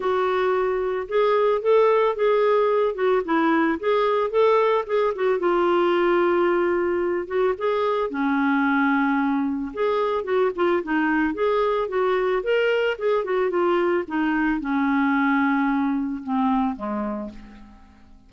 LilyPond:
\new Staff \with { instrumentName = "clarinet" } { \time 4/4 \tempo 4 = 111 fis'2 gis'4 a'4 | gis'4. fis'8 e'4 gis'4 | a'4 gis'8 fis'8 f'2~ | f'4. fis'8 gis'4 cis'4~ |
cis'2 gis'4 fis'8 f'8 | dis'4 gis'4 fis'4 ais'4 | gis'8 fis'8 f'4 dis'4 cis'4~ | cis'2 c'4 gis4 | }